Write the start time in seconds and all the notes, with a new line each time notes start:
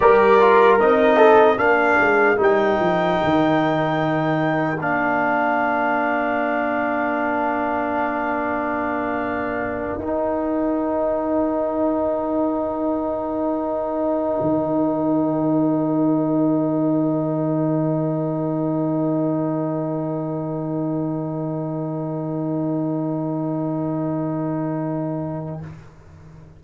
0.00 G3 G4 A#4 D5
0.40 F4
0.79 C4 D#4 D#5
1.16 A4
1.56 A#3 D4 F5
1.63 A#4
1.99 G#3
2.37 G3 D#4 G5
2.79 F3
3.23 D#3
4.79 A#3 D4 F5
9.98 D#4 G5
14.41 D#3